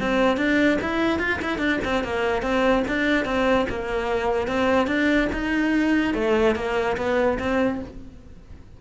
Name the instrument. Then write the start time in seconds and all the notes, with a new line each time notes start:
cello
0.00 C4
0.37 D4
0.81 E4
1.19 F4
1.42 E4
1.58 D4
1.84 C4
2.04 A#3
2.42 C4
2.88 D4
3.25 C4
3.69 A#3
4.47 C4
4.87 D4
5.32 D#4
6.14 A3
6.55 A#3
6.97 B3
7.39 C4